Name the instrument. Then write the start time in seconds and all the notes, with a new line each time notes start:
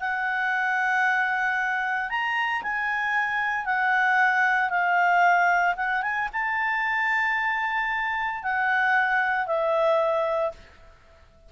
clarinet
0.00 F#5
2.10 A#5
2.63 G#5
3.66 F#5
4.70 F5
5.77 F#5
6.02 G#5
6.33 A5
8.43 F#5
9.47 E5